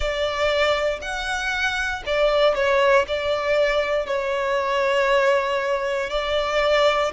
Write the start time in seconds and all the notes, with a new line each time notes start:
0.00 D5
1.01 F#5
2.06 D5
2.54 C#5
3.07 D5
4.06 C#5
6.10 D5